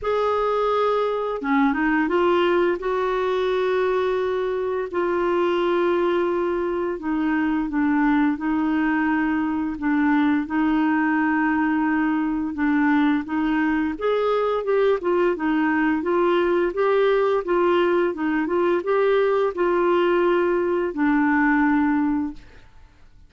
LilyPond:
\new Staff \with { instrumentName = "clarinet" } { \time 4/4 \tempo 4 = 86 gis'2 cis'8 dis'8 f'4 | fis'2. f'4~ | f'2 dis'4 d'4 | dis'2 d'4 dis'4~ |
dis'2 d'4 dis'4 | gis'4 g'8 f'8 dis'4 f'4 | g'4 f'4 dis'8 f'8 g'4 | f'2 d'2 | }